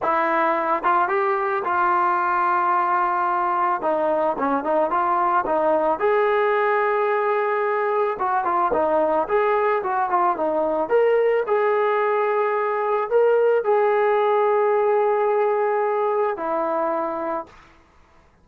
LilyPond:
\new Staff \with { instrumentName = "trombone" } { \time 4/4 \tempo 4 = 110 e'4. f'8 g'4 f'4~ | f'2. dis'4 | cis'8 dis'8 f'4 dis'4 gis'4~ | gis'2. fis'8 f'8 |
dis'4 gis'4 fis'8 f'8 dis'4 | ais'4 gis'2. | ais'4 gis'2.~ | gis'2 e'2 | }